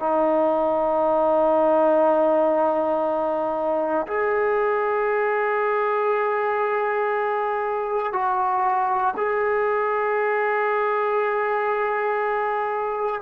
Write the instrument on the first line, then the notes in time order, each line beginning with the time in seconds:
trombone
0.00 D#4
4.08 G#4
8.13 F#4
9.17 G#4